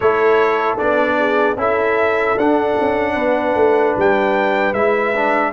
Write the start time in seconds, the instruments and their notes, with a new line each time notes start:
0.00 tuba A3, trombone E4, horn A4, trumpet C#5
0.78 tuba B3, trombone D4, trumpet D5
1.18 horn G#4
1.56 tuba C#4, trombone E4, horn A4, trumpet E5
2.37 tuba D4, trombone D4, trumpet F#5
2.80 tuba C#4
3.13 tuba B3, horn B4
3.55 tuba A3
3.97 tuba G3, trumpet G5
4.72 tuba G#3, trombone E4, trumpet E5
5.15 trombone D4